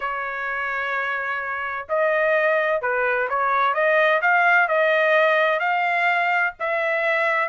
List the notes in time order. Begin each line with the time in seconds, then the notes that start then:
0.00 C#5
1.88 D#5
2.81 B4
3.29 C#5
3.74 D#5
4.21 F5
4.68 D#5
5.59 F5
6.59 E5